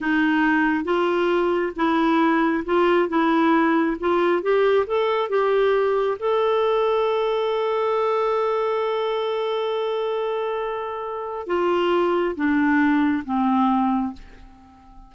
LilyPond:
\new Staff \with { instrumentName = "clarinet" } { \time 4/4 \tempo 4 = 136 dis'2 f'2 | e'2 f'4 e'4~ | e'4 f'4 g'4 a'4 | g'2 a'2~ |
a'1~ | a'1~ | a'2 f'2 | d'2 c'2 | }